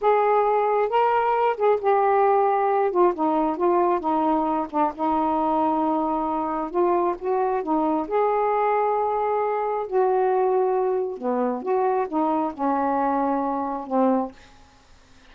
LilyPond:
\new Staff \with { instrumentName = "saxophone" } { \time 4/4 \tempo 4 = 134 gis'2 ais'4. gis'8 | g'2~ g'8 f'8 dis'4 | f'4 dis'4. d'8 dis'4~ | dis'2. f'4 |
fis'4 dis'4 gis'2~ | gis'2 fis'2~ | fis'4 b4 fis'4 dis'4 | cis'2. c'4 | }